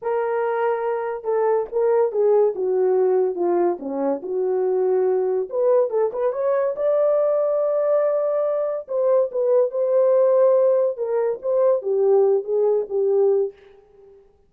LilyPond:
\new Staff \with { instrumentName = "horn" } { \time 4/4 \tempo 4 = 142 ais'2. a'4 | ais'4 gis'4 fis'2 | f'4 cis'4 fis'2~ | fis'4 b'4 a'8 b'8 cis''4 |
d''1~ | d''4 c''4 b'4 c''4~ | c''2 ais'4 c''4 | g'4. gis'4 g'4. | }